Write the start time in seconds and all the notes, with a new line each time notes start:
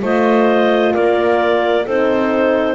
0.00 A3 F4 C5 D#5
0.94 A#3 A#4 D5
1.85 C4 D#4 A4 C5